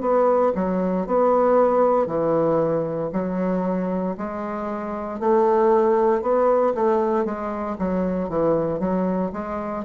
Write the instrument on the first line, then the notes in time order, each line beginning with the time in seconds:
bassoon
0.00 B3
0.55 F#3
1.06 B3
2.06 E3
3.12 F#3
4.17 G#3
5.20 A3
6.22 B3
6.74 A3
7.25 G#3
7.78 F#3
8.29 E3
8.79 F#3
9.32 G#3